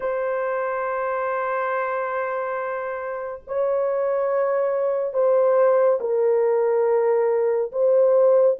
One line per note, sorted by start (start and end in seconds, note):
0.00 3.41 C5
3.47 5.13 C#5
5.13 5.99 C5
6.00 7.71 A#4
7.71 8.57 C5